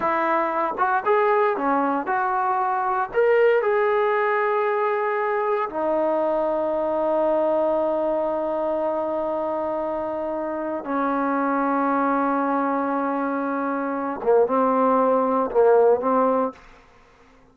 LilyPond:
\new Staff \with { instrumentName = "trombone" } { \time 4/4 \tempo 4 = 116 e'4. fis'8 gis'4 cis'4 | fis'2 ais'4 gis'4~ | gis'2. dis'4~ | dis'1~ |
dis'1~ | dis'4 cis'2.~ | cis'2.~ cis'8 ais8 | c'2 ais4 c'4 | }